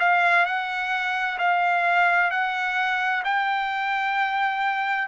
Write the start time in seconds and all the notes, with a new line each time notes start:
0.00 F5
0.46 F#5
1.39 F5
2.31 F#5
3.25 G5